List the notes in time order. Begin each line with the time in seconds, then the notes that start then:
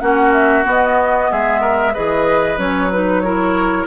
0.00 A#3 C#4 F#4 F#5
0.33 E5
0.64 B3 D#5
1.31 G#3 G#4 E5
1.61 A#4
1.94 E3 G#4 B4 D#5
2.58 F#3 C#4 C#5
2.91 D#4 B4
3.21 E4 A#4 C#5